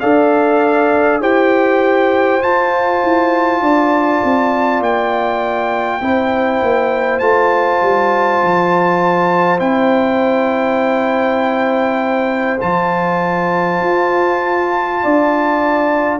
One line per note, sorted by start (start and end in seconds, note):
0.00 1.21 D4
0.00 1.22 A4
0.00 1.21 D5
0.00 1.20 F5
1.21 2.41 E4
1.21 2.42 G4
1.21 3.61 C5
1.21 2.42 G5
2.42 6.01 F4
2.42 3.02 F4
2.42 4.82 A5
3.04 3.60 E4
3.60 4.21 D4
3.60 6.02 D5
4.24 4.80 C4
4.80 6.00 A#3
4.80 7.19 G5
6.01 6.61 C4
6.01 7.21 E4
6.01 15.03 C5
6.62 7.20 A#3
7.19 7.80 A3
7.19 9.59 F4
7.19 9.59 A5
7.82 8.42 G3
8.43 9.60 F3
9.59 12.60 C4
9.59 12.59 E4
9.59 12.60 G5
12.60 13.80 F3
12.60 16.20 F4
12.60 16.20 A5
13.80 15.00 F4
15.03 16.20 D4
15.03 16.20 D5